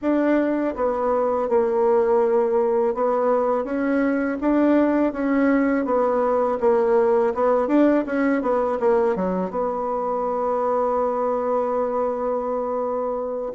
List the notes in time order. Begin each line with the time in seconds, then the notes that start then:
0.01 D4
0.75 B3
1.48 A#3
2.94 B3
3.64 C#4
4.40 D4
5.12 C#4
5.85 B3
6.60 A#3
7.34 B3
7.67 D4
8.06 C#4
8.41 B3
8.79 A#3
9.15 F#3
9.50 B3